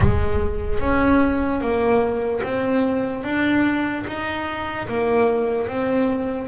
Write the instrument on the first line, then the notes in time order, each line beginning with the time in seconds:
double bass
0.00 G#3
0.79 C#4
1.60 A#3
2.43 C4
3.23 D4
4.06 D#4
4.88 A#3
5.67 C4